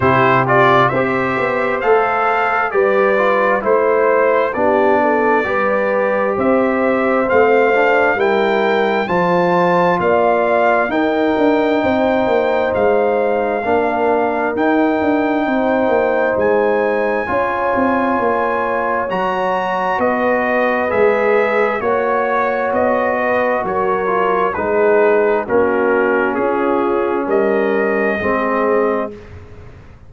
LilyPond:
<<
  \new Staff \with { instrumentName = "trumpet" } { \time 4/4 \tempo 4 = 66 c''8 d''8 e''4 f''4 d''4 | c''4 d''2 e''4 | f''4 g''4 a''4 f''4 | g''2 f''2 |
g''2 gis''2~ | gis''4 ais''4 dis''4 e''4 | cis''4 dis''4 cis''4 b'4 | ais'4 gis'4 dis''2 | }
  \new Staff \with { instrumentName = "horn" } { \time 4/4 g'4 c''2 b'4 | c''4 g'8 a'8 b'4 c''4~ | c''4 ais'4 c''4 d''4 | ais'4 c''2 ais'4~ |
ais'4 c''2 cis''4~ | cis''2 b'2 | cis''4. b'8 ais'4 gis'4 | fis'4 f'4 ais'4 gis'4 | }
  \new Staff \with { instrumentName = "trombone" } { \time 4/4 e'8 f'8 g'4 a'4 g'8 f'8 | e'4 d'4 g'2 | c'8 d'8 e'4 f'2 | dis'2. d'4 |
dis'2. f'4~ | f'4 fis'2 gis'4 | fis'2~ fis'8 f'8 dis'4 | cis'2. c'4 | }
  \new Staff \with { instrumentName = "tuba" } { \time 4/4 c4 c'8 b8 a4 g4 | a4 b4 g4 c'4 | a4 g4 f4 ais4 | dis'8 d'8 c'8 ais8 gis4 ais4 |
dis'8 d'8 c'8 ais8 gis4 cis'8 c'8 | ais4 fis4 b4 gis4 | ais4 b4 fis4 gis4 | ais4 cis'4 g4 gis4 | }
>>